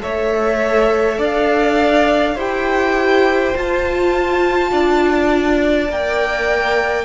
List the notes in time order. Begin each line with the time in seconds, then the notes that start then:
0.00 A3 A4 C#5 E5
1.18 D4 D5 F5
2.35 E4 G4 C5 G5
3.54 F4 A5
4.72 D4 D5
5.89 A#3 A#4 G5